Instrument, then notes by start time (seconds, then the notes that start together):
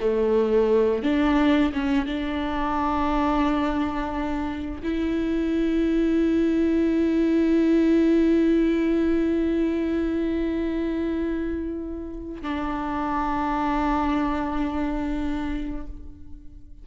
viola
0.00 A3
1.03 D4
1.72 C#4
2.05 D4
4.83 E4
12.41 D4